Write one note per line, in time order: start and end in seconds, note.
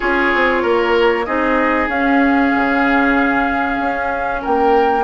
0.00 0.33 C#4
0.00 1.25 F4
0.00 0.62 G#4
0.00 1.25 C#5
0.34 0.64 C4
0.62 1.27 A#3
0.62 1.25 A#4
1.25 1.87 C4
1.25 1.89 D#4
1.25 4.41 G#4
1.25 1.88 D#5
1.87 2.51 C#4
1.87 5.04 C#4
1.87 4.42 F5
2.55 3.79 C#3
3.79 4.42 C#4
4.41 5.04 A#3
4.41 5.04 A#4
4.41 5.04 G5